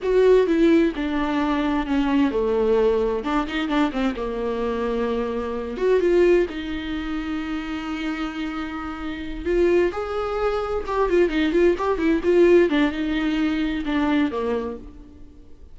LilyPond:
\new Staff \with { instrumentName = "viola" } { \time 4/4 \tempo 4 = 130 fis'4 e'4 d'2 | cis'4 a2 d'8 dis'8 | d'8 c'8 ais2.~ | ais8 fis'8 f'4 dis'2~ |
dis'1~ | dis'8 f'4 gis'2 g'8 | f'8 dis'8 f'8 g'8 e'8 f'4 d'8 | dis'2 d'4 ais4 | }